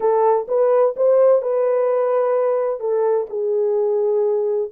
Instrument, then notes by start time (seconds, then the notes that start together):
horn
0.00 A4
0.48 B4
0.96 C5
1.42 B4
2.80 A4
3.29 G#4